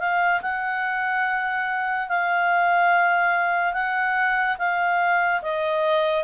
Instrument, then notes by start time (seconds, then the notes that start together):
clarinet
0.00 F5
0.42 F#5
2.09 F5
3.73 F#5
4.59 F5
5.42 D#5